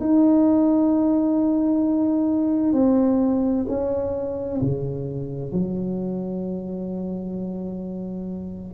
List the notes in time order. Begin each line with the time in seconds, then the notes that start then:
0.00 D#4
2.73 C4
3.68 C#4
4.61 C#3
5.52 F#3